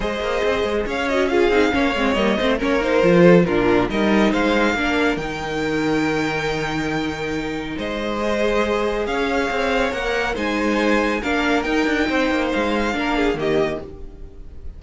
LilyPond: <<
  \new Staff \with { instrumentName = "violin" } { \time 4/4 \tempo 4 = 139 dis''2 f''8 dis''8 f''4~ | f''4 dis''4 cis''8 c''4. | ais'4 dis''4 f''2 | g''1~ |
g''2 dis''2~ | dis''4 f''2 fis''4 | gis''2 f''4 g''4~ | g''4 f''2 dis''4 | }
  \new Staff \with { instrumentName = "violin" } { \time 4/4 c''2 cis''4 gis'4 | cis''4. c''8 ais'4. a'8 | f'4 ais'4 c''4 ais'4~ | ais'1~ |
ais'2 c''2~ | c''4 cis''2. | c''2 ais'2 | c''2 ais'8 gis'8 g'4 | }
  \new Staff \with { instrumentName = "viola" } { \time 4/4 gis'2~ gis'8 fis'8 f'8 dis'8 | cis'8 c'8 ais8 c'8 cis'8 dis'8 f'4 | d'4 dis'2 d'4 | dis'1~ |
dis'2. gis'4~ | gis'2. ais'4 | dis'2 d'4 dis'4~ | dis'2 d'4 ais4 | }
  \new Staff \with { instrumentName = "cello" } { \time 4/4 gis8 ais8 c'8 gis8 cis'4. c'8 | ais8 gis8 g8 a8 ais4 f4 | ais,4 g4 gis4 ais4 | dis1~ |
dis2 gis2~ | gis4 cis'4 c'4 ais4 | gis2 ais4 dis'8 d'8 | c'8 ais8 gis4 ais4 dis4 | }
>>